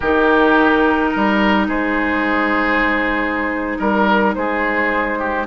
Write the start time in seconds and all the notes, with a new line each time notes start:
0.00 D#3 D#4 G4 A#4
1.10 G3 A#4
1.67 G#3 G#4 C5
3.77 G3 A#4
4.34 G#3 G#4 C5
5.18 G4